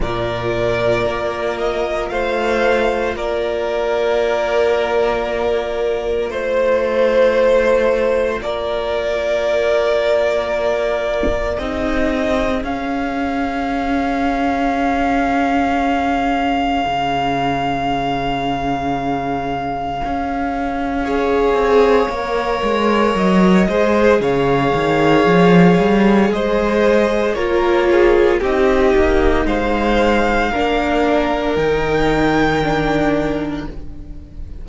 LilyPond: <<
  \new Staff \with { instrumentName = "violin" } { \time 4/4 \tempo 4 = 57 d''4. dis''8 f''4 d''4~ | d''2 c''2 | d''2. dis''4 | f''1~ |
f''1~ | f''2 dis''4 f''4~ | f''4 dis''4 cis''4 dis''4 | f''2 g''2 | }
  \new Staff \with { instrumentName = "violin" } { \time 4/4 ais'2 c''4 ais'4~ | ais'2 c''2 | ais'2. gis'4~ | gis'1~ |
gis'1 | cis''2~ cis''8 c''8 cis''4~ | cis''4 c''4 ais'8 gis'8 g'4 | c''4 ais'2. | }
  \new Staff \with { instrumentName = "viola" } { \time 4/4 f'1~ | f'1~ | f'2. dis'4 | cis'1~ |
cis'1 | gis'4 ais'4. gis'4.~ | gis'2 f'4 dis'4~ | dis'4 d'4 dis'4 d'4 | }
  \new Staff \with { instrumentName = "cello" } { \time 4/4 ais,4 ais4 a4 ais4~ | ais2 a2 | ais2. c'4 | cis'1 |
cis2. cis'4~ | cis'8 c'8 ais8 gis8 fis8 gis8 cis8 dis8 | f8 g8 gis4 ais4 c'8 ais8 | gis4 ais4 dis2 | }
>>